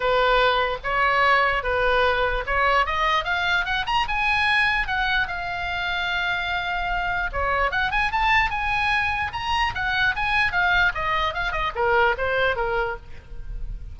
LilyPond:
\new Staff \with { instrumentName = "oboe" } { \time 4/4 \tempo 4 = 148 b'2 cis''2 | b'2 cis''4 dis''4 | f''4 fis''8 ais''8 gis''2 | fis''4 f''2.~ |
f''2 cis''4 fis''8 gis''8 | a''4 gis''2 ais''4 | fis''4 gis''4 f''4 dis''4 | f''8 dis''8 ais'4 c''4 ais'4 | }